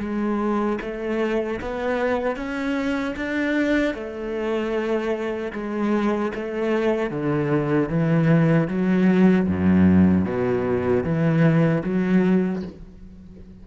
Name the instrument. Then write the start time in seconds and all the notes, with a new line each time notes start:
cello
0.00 G#3
0.81 A3
1.61 B3
2.36 C#4
3.17 D4
3.94 A3
5.53 G#3
6.35 A3
7.11 D3
7.89 E3
8.68 F#3
9.47 F#2
10.25 B2
11.04 E3
11.84 F#3